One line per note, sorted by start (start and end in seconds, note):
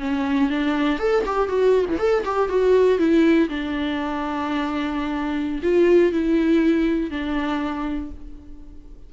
0.00 0.50 C#4
0.50 0.99 D4
0.99 1.24 A4
1.26 1.49 G4
1.49 1.86 F#4
1.89 1.99 E3
1.99 2.24 A4
2.25 2.49 G4
2.49 2.99 F#4
2.99 3.49 E4
3.49 5.62 D4
5.63 6.12 F4
6.12 7.11 E4
7.11 8.11 D4